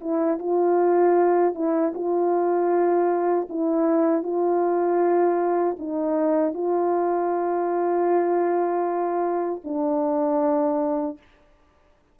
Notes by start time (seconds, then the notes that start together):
0.00 E4
0.39 F4
1.55 E4
1.94 F4
3.49 E4
4.23 F4
5.79 D#4
6.53 F4
9.64 D4